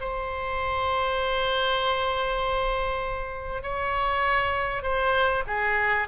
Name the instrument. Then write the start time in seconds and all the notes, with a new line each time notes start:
oboe
0.00 C5
3.62 C#5
4.82 C5
5.47 G#4